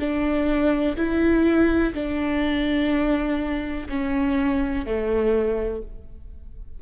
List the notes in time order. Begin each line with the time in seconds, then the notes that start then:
0.00 D4
0.97 E4
1.94 D4
3.90 C#4
4.86 A3